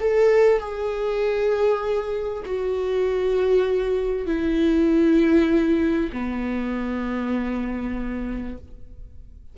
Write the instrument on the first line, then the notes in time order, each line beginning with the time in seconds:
viola
0.00 A4
0.60 G#4
2.46 F#4
4.27 E4
6.13 B3